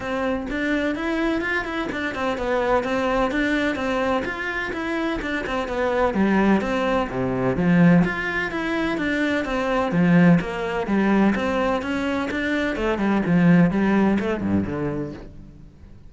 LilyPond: \new Staff \with { instrumentName = "cello" } { \time 4/4 \tempo 4 = 127 c'4 d'4 e'4 f'8 e'8 | d'8 c'8 b4 c'4 d'4 | c'4 f'4 e'4 d'8 c'8 | b4 g4 c'4 c4 |
f4 f'4 e'4 d'4 | c'4 f4 ais4 g4 | c'4 cis'4 d'4 a8 g8 | f4 g4 a8 g,8 d4 | }